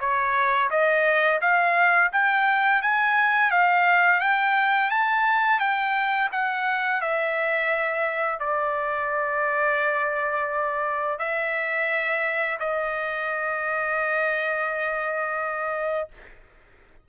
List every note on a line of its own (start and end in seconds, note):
0.00 0.70 C#5
0.71 1.40 D#5
1.41 2.11 F5
2.13 2.82 G5
2.82 3.51 G#5
3.51 4.21 F5
4.21 4.91 G5
4.91 5.60 A5
5.60 6.29 G5
6.32 7.01 F#5
7.01 8.40 E5
8.40 11.19 D5
11.19 12.59 E5
12.60 16.09 D#5